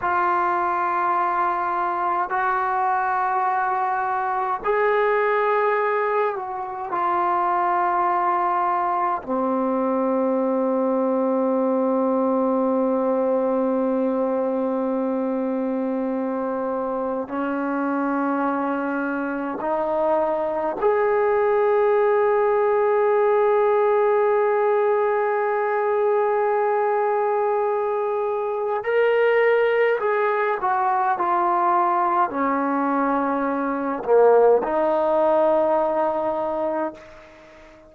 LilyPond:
\new Staff \with { instrumentName = "trombone" } { \time 4/4 \tempo 4 = 52 f'2 fis'2 | gis'4. fis'8 f'2 | c'1~ | c'2. cis'4~ |
cis'4 dis'4 gis'2~ | gis'1~ | gis'4 ais'4 gis'8 fis'8 f'4 | cis'4. ais8 dis'2 | }